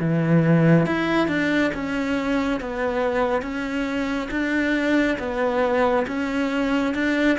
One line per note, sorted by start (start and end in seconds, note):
0.00 0.86 E3
0.86 1.28 E4
1.28 1.72 D4
1.74 2.60 C#4
2.60 3.42 B3
3.42 4.29 C#4
4.31 5.18 D4
5.19 6.06 B3
6.08 6.94 C#4
6.95 7.38 D4